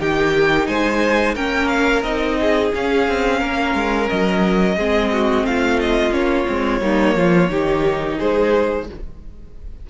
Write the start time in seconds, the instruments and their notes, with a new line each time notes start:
0.00 cello D#3, viola D#4, violin G4 G5
0.67 cello G#3, violin C5 G#5
1.35 cello A#3, viola C#4, violin A#4 G5
1.68 violin F5
2.03 cello C4, viola D#4, violin D#5
2.41 violin G#4
2.74 viola C#4, cello C#4, violin F5
3.08 cello C4
3.39 cello A#3, violin A#4
3.74 cello G#3
4.10 cello F#3, violin D#5
4.77 cello G#3, viola C4, violin G#4
5.13 violin F#4
5.43 cello A3, violin F4 F5
5.81 violin D#5
6.11 cello A#3, viola C#4, violin C#5
6.47 cello G#3, viola C4
6.81 cello G3, viola A#3, violin D#4
7.15 cello F3, violin F4
7.49 cello D#3, viola D#4, violin G4
8.18 cello G#3, violin G#4 C5